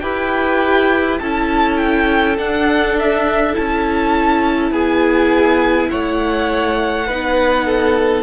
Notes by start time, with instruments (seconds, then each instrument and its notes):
0.00 cello E4, viola G4, violin B4 G5
1.19 cello C#4, viola E4, violin A4 A5
1.77 violin G5
2.37 cello D4, viola D4, violin F#5
2.99 violin E5
3.53 cello C#4, viola E4, violin A5
4.71 cello B3, violin G#4 G#5
5.90 cello A3, violin C#5 F#5
7.07 cello B3, viola D#4, violin B4
7.66 violin A4